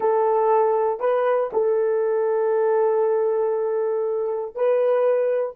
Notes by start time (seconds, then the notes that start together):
0.00 A4
1.00 B4
1.52 A4
4.55 B4